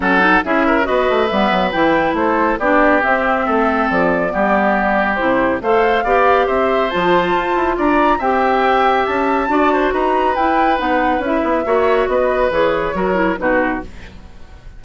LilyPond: <<
  \new Staff \with { instrumentName = "flute" } { \time 4/4 \tempo 4 = 139 fis''4 e''4 dis''4 e''4 | g''4 c''4 d''4 e''4~ | e''4 d''2. | c''4 f''2 e''4 |
a''2 ais''4 g''4~ | g''4 a''2 ais''4 | g''4 fis''4 e''2 | dis''4 cis''2 b'4 | }
  \new Staff \with { instrumentName = "oboe" } { \time 4/4 a'4 gis'8 ais'8 b'2~ | b'4 a'4 g'2 | a'2 g'2~ | g'4 c''4 d''4 c''4~ |
c''2 d''4 e''4~ | e''2 d''8 c''8 b'4~ | b'2. cis''4 | b'2 ais'4 fis'4 | }
  \new Staff \with { instrumentName = "clarinet" } { \time 4/4 cis'8 dis'8 e'4 fis'4 b4 | e'2 d'4 c'4~ | c'2 b2 | e'4 a'4 g'2 |
f'2. g'4~ | g'2 fis'2 | e'4 dis'4 e'4 fis'4~ | fis'4 gis'4 fis'8 e'8 dis'4 | }
  \new Staff \with { instrumentName = "bassoon" } { \time 4/4 fis4 cis'4 b8 a8 g8 fis8 | e4 a4 b4 c'4 | a4 f4 g2 | c4 a4 b4 c'4 |
f4 f'8 e'8 d'4 c'4~ | c'4 cis'4 d'4 dis'4 | e'4 b4 cis'8 b8 ais4 | b4 e4 fis4 b,4 | }
>>